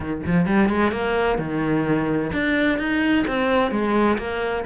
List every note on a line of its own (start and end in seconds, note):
0.00 0.21 D#3
0.26 0.46 F3
0.46 0.69 G3
0.69 0.91 G#3
0.91 1.38 A#3
1.38 2.31 D#3
2.33 2.78 D4
2.78 3.25 D#4
3.27 3.71 C4
3.71 4.17 G#3
4.18 4.64 A#3